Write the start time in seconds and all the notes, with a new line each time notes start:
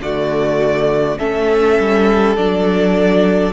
0.00 D3 A3 F#4 D5
1.19 A3 C#4 A4 E5
1.79 G3
2.37 F#3 D4 D5